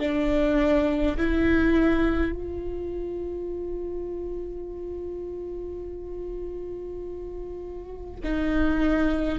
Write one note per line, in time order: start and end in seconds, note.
0.00 1.18 D4
1.18 2.33 E4
2.33 8.21 F4
8.24 9.40 D#4